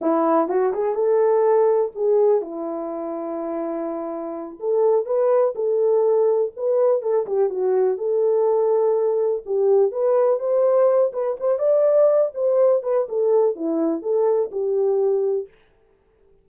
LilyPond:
\new Staff \with { instrumentName = "horn" } { \time 4/4 \tempo 4 = 124 e'4 fis'8 gis'8 a'2 | gis'4 e'2.~ | e'4. a'4 b'4 a'8~ | a'4. b'4 a'8 g'8 fis'8~ |
fis'8 a'2. g'8~ | g'8 b'4 c''4. b'8 c''8 | d''4. c''4 b'8 a'4 | e'4 a'4 g'2 | }